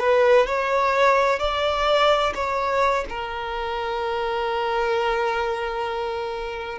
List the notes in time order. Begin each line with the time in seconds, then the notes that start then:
0.00 B4
0.47 C#5
1.40 D5
2.35 C#5
3.10 A#4